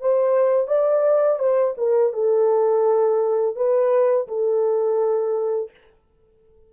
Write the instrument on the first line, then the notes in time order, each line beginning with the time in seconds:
horn
0.00 C5
0.67 D5
1.39 C5
1.77 A#4
2.13 A4
3.56 B4
4.28 A4